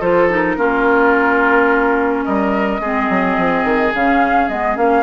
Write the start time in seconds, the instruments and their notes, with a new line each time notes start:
0.00 bassoon F3, clarinet F4, oboe A4, flute C5
0.30 clarinet D#4, flute A#4
0.57 bassoon A#3, clarinet C#4, oboe F4
2.25 bassoon G3, oboe A#4, flute D#5
2.80 bassoon G#3, clarinet C4, oboe G#4
3.09 bassoon F#3
3.38 bassoon F3
3.64 bassoon D#3
3.95 bassoon C#3, clarinet C#4, flute F5
4.49 bassoon G#3, clarinet B3, flute D#5
4.76 bassoon A#3, clarinet C#4, flute F5